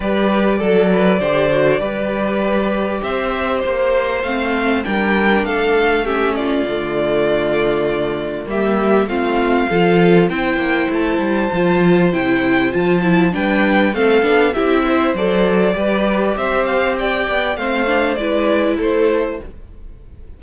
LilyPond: <<
  \new Staff \with { instrumentName = "violin" } { \time 4/4 \tempo 4 = 99 d''1~ | d''4 e''4 c''4 f''4 | g''4 f''4 e''8 d''4.~ | d''2 e''4 f''4~ |
f''4 g''4 a''2 | g''4 a''4 g''4 f''4 | e''4 d''2 e''8 f''8 | g''4 f''4 d''4 c''4 | }
  \new Staff \with { instrumentName = "violin" } { \time 4/4 b'4 a'8 b'8 c''4 b'4~ | b'4 c''2. | ais'4 a'4 g'8 f'4.~ | f'2 g'4 f'4 |
a'4 c''2.~ | c''2 b'4 a'4 | g'8 c''4. b'4 c''4 | d''4 c''4 b'4 a'4 | }
  \new Staff \with { instrumentName = "viola" } { \time 4/4 g'4 a'4 g'8 fis'8 g'4~ | g'2. c'4 | d'2 cis'4 a4~ | a2 ais4 c'4 |
f'4 e'2 f'4 | e'4 f'8 e'8 d'4 c'8 d'8 | e'4 a'4 g'2~ | g'4 c'8 d'8 e'2 | }
  \new Staff \with { instrumentName = "cello" } { \time 4/4 g4 fis4 d4 g4~ | g4 c'4 ais4 a4 | g4 a2 d4~ | d2 g4 a4 |
f4 c'8 ais8 a8 g8 f4 | c4 f4 g4 a8 b8 | c'4 fis4 g4 c'4~ | c'8 b8 a4 gis4 a4 | }
>>